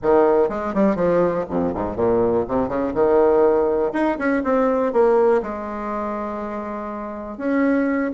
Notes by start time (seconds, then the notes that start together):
0.02 D#3
0.49 G#3
0.74 G3
0.95 F3
1.49 F2
1.74 G#2
1.96 A#2
2.48 C3
2.68 C#3
2.94 D#3
3.93 D#4
4.18 C#4
4.43 C4
4.92 A#3
5.42 G#3
7.37 C#4